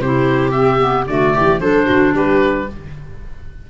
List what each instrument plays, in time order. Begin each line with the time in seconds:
0.00 tuba C3, clarinet E4, viola G4, oboe C5
0.52 clarinet C4, oboe E5
0.79 clarinet B3
1.07 tuba D3, clarinet A3, viola F#4, oboe D5
1.34 tuba E3, viola G4
1.60 tuba F#3, clarinet D4, viola A4, oboe C5
1.87 tuba D3, viola F#4
2.15 tuba G3, viola G4, oboe B4